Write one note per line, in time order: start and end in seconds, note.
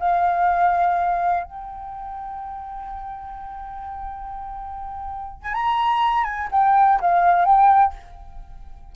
0.00 1.44 F5
1.44 5.43 G5
5.43 5.54 G#5
5.54 6.24 A#5
6.24 6.48 G#5
6.51 7.00 G5
7.01 7.45 F5
7.45 7.94 G5